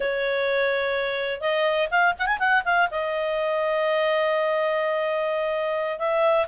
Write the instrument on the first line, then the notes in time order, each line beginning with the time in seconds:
clarinet
0.00 C#5
1.41 D#5
1.90 F5
2.18 F#5
2.26 G#5
2.39 F#5
2.64 F5
2.90 D#5
5.99 E5